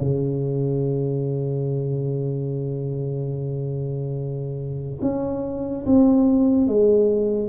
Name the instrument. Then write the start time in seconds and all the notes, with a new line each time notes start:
tuba
0.00 C#3
5.02 C#4
5.86 C4
6.67 G#3